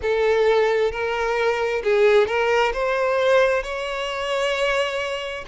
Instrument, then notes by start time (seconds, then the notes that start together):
violin
0.02 A4
0.91 A#4
1.83 G#4
2.27 A#4
2.73 C5
3.63 C#5